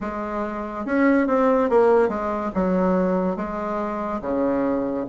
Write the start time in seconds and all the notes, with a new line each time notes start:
0.00 G#3
0.85 C#4
1.27 C4
1.69 A#3
2.09 G#3
2.54 F#3
3.36 G#3
4.21 C#3